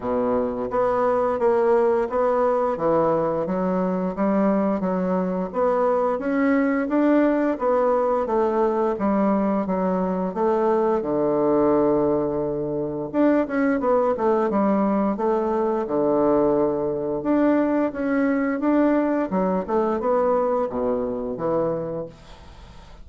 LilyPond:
\new Staff \with { instrumentName = "bassoon" } { \time 4/4 \tempo 4 = 87 b,4 b4 ais4 b4 | e4 fis4 g4 fis4 | b4 cis'4 d'4 b4 | a4 g4 fis4 a4 |
d2. d'8 cis'8 | b8 a8 g4 a4 d4~ | d4 d'4 cis'4 d'4 | fis8 a8 b4 b,4 e4 | }